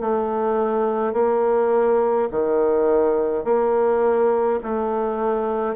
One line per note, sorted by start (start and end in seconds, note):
0.00 1.13 A3
1.13 2.29 A#3
2.31 3.44 D#3
3.44 4.59 A#3
4.63 5.75 A3